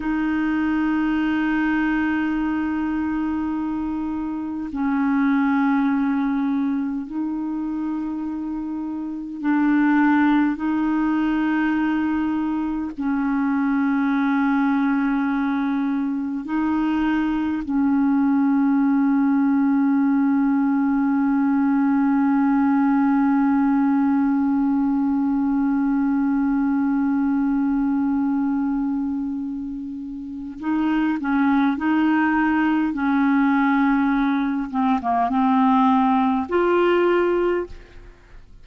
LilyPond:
\new Staff \with { instrumentName = "clarinet" } { \time 4/4 \tempo 4 = 51 dis'1 | cis'2 dis'2 | d'4 dis'2 cis'4~ | cis'2 dis'4 cis'4~ |
cis'1~ | cis'1~ | cis'2 dis'8 cis'8 dis'4 | cis'4. c'16 ais16 c'4 f'4 | }